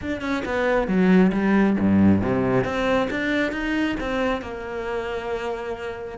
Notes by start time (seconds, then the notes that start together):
0.01 D4
0.21 C#4
0.45 B3
0.87 F#3
1.32 G3
1.79 G2
2.21 C3
2.64 C4
3.10 D4
3.52 D#4
3.99 C4
4.41 A#3